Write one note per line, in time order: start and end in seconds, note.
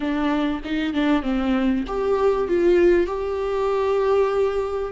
0.00 0.61 D4
0.64 0.93 D#4
0.93 1.22 D4
1.22 1.84 C4
1.87 2.47 G4
2.47 3.06 F4
3.06 4.92 G4